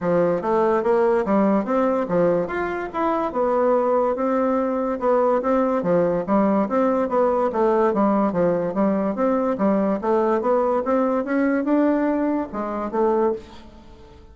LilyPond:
\new Staff \with { instrumentName = "bassoon" } { \time 4/4 \tempo 4 = 144 f4 a4 ais4 g4 | c'4 f4 f'4 e'4 | b2 c'2 | b4 c'4 f4 g4 |
c'4 b4 a4 g4 | f4 g4 c'4 g4 | a4 b4 c'4 cis'4 | d'2 gis4 a4 | }